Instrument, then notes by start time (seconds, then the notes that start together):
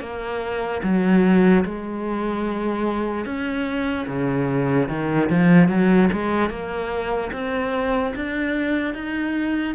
cello
0.00 A#3
0.83 F#3
1.64 G#3
3.25 C#4
4.07 C#3
4.88 D#3
5.29 F3
5.69 F#3
6.12 G#3
6.50 A#3
7.32 C4
8.15 D4
8.94 D#4